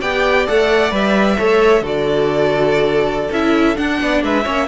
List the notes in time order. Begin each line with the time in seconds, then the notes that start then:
0.00 B3 G4 D5 G5
0.47 A3 A4 F#5
0.91 G3 B4 E5
1.38 A3 A4 C#5
1.81 D3 F#4 A4 D5
3.31 C#4 E4 E5
3.76 D4 F#5
4.01 B3 D5
4.23 G#3 B4 E5
4.44 A#3 C#4 C#5